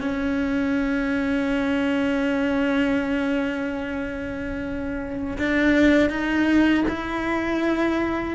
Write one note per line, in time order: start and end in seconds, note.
0.00 5.37 C#4
5.38 6.10 D4
6.10 6.84 D#4
6.88 8.34 E4